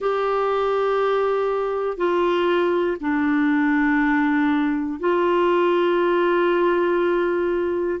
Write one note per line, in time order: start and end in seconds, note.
0.00 1.97 G4
1.97 2.97 F4
3.00 5.00 D4
5.00 8.00 F4